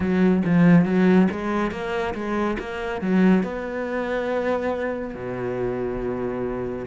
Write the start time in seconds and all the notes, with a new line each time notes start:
0.00 F#3
0.44 F3
0.85 F#3
1.31 G#3
1.71 A#3
2.14 G#3
2.59 A#3
3.01 F#3
3.43 B3
5.14 B2